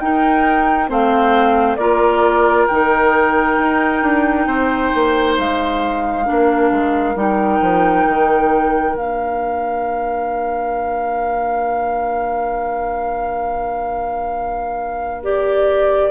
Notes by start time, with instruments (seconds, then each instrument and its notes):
0.00 bassoon D#4, clarinet D#4, oboe A#4, flute G5
0.88 bassoon A3, clarinet C4, oboe C5, flute F5
1.76 bassoon A#3, clarinet F4, oboe A#4, flute D5
2.67 bassoon D#3, clarinet D#4, flute G5
3.59 bassoon D#4
4.03 bassoon D4
4.47 bassoon C4, oboe C5
4.95 bassoon A#3
5.38 bassoon G#3, flute F5
6.25 bassoon A#3, clarinet D4, oboe A#4
6.71 bassoon G#3
7.16 bassoon G3, clarinet D#4, flute G5
7.62 bassoon F3
8.07 bassoon D#3
8.95 bassoon A#3, clarinet D4, flute F5
15.23 clarinet G4, flute D5